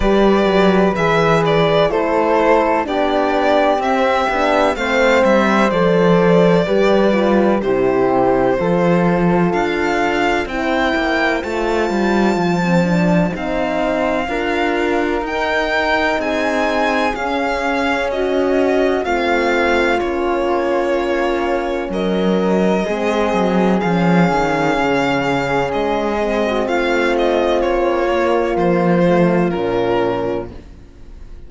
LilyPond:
<<
  \new Staff \with { instrumentName = "violin" } { \time 4/4 \tempo 4 = 63 d''4 e''8 d''8 c''4 d''4 | e''4 f''8 e''8 d''2 | c''2 f''4 g''4 | a''2 f''2 |
g''4 gis''4 f''4 dis''4 | f''4 cis''2 dis''4~ | dis''4 f''2 dis''4 | f''8 dis''8 cis''4 c''4 ais'4 | }
  \new Staff \with { instrumentName = "flute" } { \time 4/4 b'2 a'4 g'4~ | g'4 c''2 b'4 | g'4 a'2 c''4~ | c''2. ais'4~ |
ais'4 gis'2 fis'4 | f'2. ais'4 | gis'2.~ gis'8. fis'16 | f'1 | }
  \new Staff \with { instrumentName = "horn" } { \time 4/4 g'4 gis'4 e'4 d'4 | c'8 d'8 c'4 a'4 g'8 f'8 | e'4 f'2 e'4 | f'4~ f'16 c'16 d'8 dis'4 f'4 |
dis'2 cis'2 | c'4 cis'2. | c'4 cis'2~ cis'8 c'8~ | c'4. ais4 a8 cis'4 | }
  \new Staff \with { instrumentName = "cello" } { \time 4/4 g8 fis8 e4 a4 b4 | c'8 b8 a8 g8 f4 g4 | c4 f4 d'4 c'8 ais8 | a8 g8 f4 c'4 d'4 |
dis'4 c'4 cis'2 | a4 ais2 fis4 | gis8 fis8 f8 dis8 cis4 gis4 | a4 ais4 f4 ais,4 | }
>>